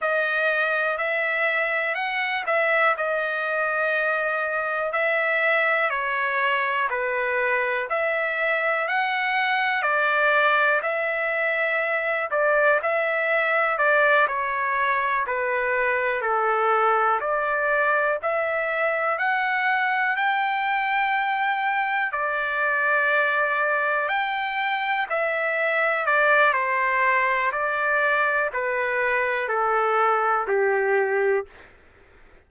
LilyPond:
\new Staff \with { instrumentName = "trumpet" } { \time 4/4 \tempo 4 = 61 dis''4 e''4 fis''8 e''8 dis''4~ | dis''4 e''4 cis''4 b'4 | e''4 fis''4 d''4 e''4~ | e''8 d''8 e''4 d''8 cis''4 b'8~ |
b'8 a'4 d''4 e''4 fis''8~ | fis''8 g''2 d''4.~ | d''8 g''4 e''4 d''8 c''4 | d''4 b'4 a'4 g'4 | }